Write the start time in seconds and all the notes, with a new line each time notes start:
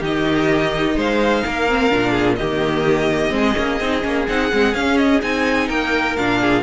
0.00 D#3 D#4 G4 D#5
0.96 G#3 C5 F5
1.45 A#3 A#4
1.68 C4
1.89 A#2 D4
2.11 G#4
2.35 D#3 A#3 G4 D#5
3.29 G#3 C4 G#4
3.55 A#3 C#4
3.80 C4 D#4
4.02 A#3 C#4
4.28 C4 D#4 F#5
4.52 G#3 C4
4.74 C#4 F5
4.97 D#5
5.21 C4 D#4 G#5
5.68 A#3 A#4 G5
6.16 A#2 D4 F5
6.41 G#4